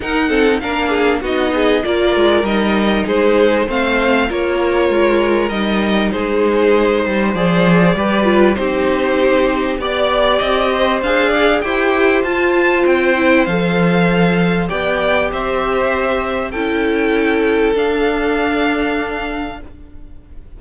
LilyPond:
<<
  \new Staff \with { instrumentName = "violin" } { \time 4/4 \tempo 4 = 98 fis''4 f''4 dis''4 d''4 | dis''4 c''4 f''4 cis''4~ | cis''4 dis''4 c''2 | d''2 c''2 |
d''4 dis''4 f''4 g''4 | a''4 g''4 f''2 | g''4 e''2 g''4~ | g''4 f''2. | }
  \new Staff \with { instrumentName = "violin" } { \time 4/4 ais'8 a'8 ais'8 gis'8 fis'8 gis'8 ais'4~ | ais'4 gis'4 c''4 ais'4~ | ais'2 gis'4. c''8~ | c''4 b'4 g'2 |
d''4. c''4 d''8 c''4~ | c''1 | d''4 c''2 a'4~ | a'1 | }
  \new Staff \with { instrumentName = "viola" } { \time 4/4 dis'8 c'8 d'4 dis'4 f'4 | dis'2 c'4 f'4~ | f'4 dis'2. | gis'4 g'8 f'8 dis'2 |
g'2 gis'4 g'4 | f'4. e'8 a'2 | g'2. e'4~ | e'4 d'2. | }
  \new Staff \with { instrumentName = "cello" } { \time 4/4 dis'4 ais4 b4 ais8 gis8 | g4 gis4 a4 ais4 | gis4 g4 gis4. g8 | f4 g4 c'2 |
b4 c'4 d'4 e'4 | f'4 c'4 f2 | b4 c'2 cis'4~ | cis'4 d'2. | }
>>